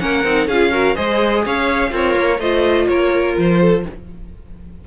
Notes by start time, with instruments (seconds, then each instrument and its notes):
0.00 cello A#3, viola C#4, violin A#4 F#5
0.25 cello C4, viola D#4
0.48 cello C#4, viola F4, violin G#4 F5
0.72 viola F#4, violin A#4
0.95 cello G#3, viola G#4, violin C5 D#5
1.46 cello C#4, violin C#5 F5
1.91 cello C4, violin F4 C#5, viola A#4
2.16 cello A#3
2.39 cello A3, viola F4, violin C5 D#5
2.88 cello A#3, violin A#4 C#5
3.38 cello F3, violin C5
3.61 violin A4